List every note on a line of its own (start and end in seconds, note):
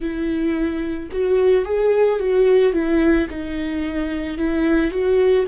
0.00 1.09 E4
1.11 1.65 F#4
1.65 2.19 G#4
2.19 2.73 F#4
2.73 3.27 E4
3.29 4.37 D#4
4.37 4.90 E4
4.90 5.45 F#4